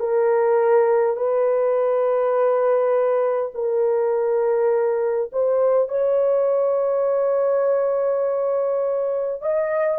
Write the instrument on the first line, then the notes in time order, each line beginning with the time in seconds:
horn
0.00 A#4
1.17 B4
3.55 A#4
5.33 C5
5.89 C#5
9.42 D#5